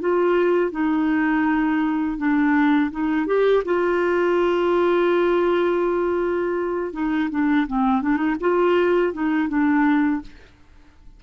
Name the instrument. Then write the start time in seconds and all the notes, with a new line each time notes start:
clarinet
0.00 F4
0.72 D#4
2.18 D4
2.92 D#4
3.27 G4
3.65 F4
6.93 D#4
7.31 D4
7.68 C4
8.03 D4
8.17 D#4
8.41 F4
9.13 D#4
9.49 D4